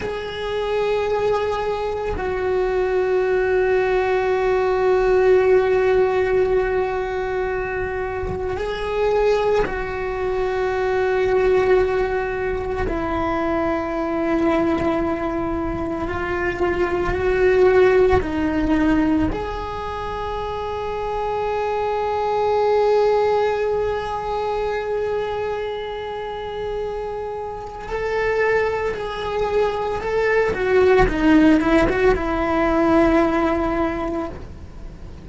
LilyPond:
\new Staff \with { instrumentName = "cello" } { \time 4/4 \tempo 4 = 56 gis'2 fis'2~ | fis'1 | gis'4 fis'2. | e'2. f'4 |
fis'4 dis'4 gis'2~ | gis'1~ | gis'2 a'4 gis'4 | a'8 fis'8 dis'8 e'16 fis'16 e'2 | }